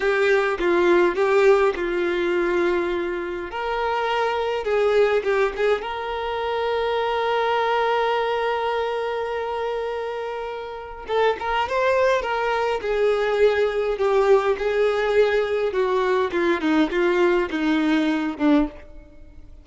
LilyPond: \new Staff \with { instrumentName = "violin" } { \time 4/4 \tempo 4 = 103 g'4 f'4 g'4 f'4~ | f'2 ais'2 | gis'4 g'8 gis'8 ais'2~ | ais'1~ |
ais'2. a'8 ais'8 | c''4 ais'4 gis'2 | g'4 gis'2 fis'4 | f'8 dis'8 f'4 dis'4. d'8 | }